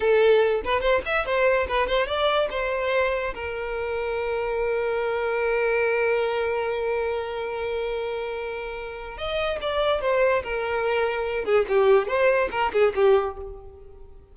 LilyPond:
\new Staff \with { instrumentName = "violin" } { \time 4/4 \tempo 4 = 144 a'4. b'8 c''8 e''8 c''4 | b'8 c''8 d''4 c''2 | ais'1~ | ais'1~ |
ais'1~ | ais'2 dis''4 d''4 | c''4 ais'2~ ais'8 gis'8 | g'4 c''4 ais'8 gis'8 g'4 | }